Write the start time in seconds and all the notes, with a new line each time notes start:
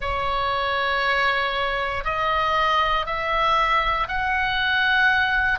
0.00 C#5
2.04 D#5
3.06 E5
4.07 F#5